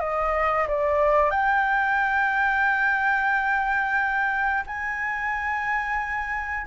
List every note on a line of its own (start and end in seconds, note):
0.00 0.67 D#5
0.68 1.31 D5
1.31 4.64 G5
4.67 6.67 G#5